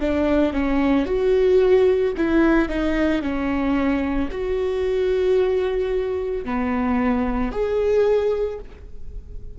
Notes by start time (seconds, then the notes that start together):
0.00 D4
0.53 C#4
1.05 F#4
2.17 E4
2.68 D#4
3.21 C#4
4.31 F#4
6.44 B3
7.51 G#4